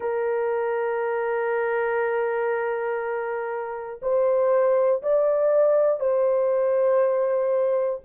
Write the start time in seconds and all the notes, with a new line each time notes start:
0.00 A#4
4.02 C5
5.02 D5
6.00 C5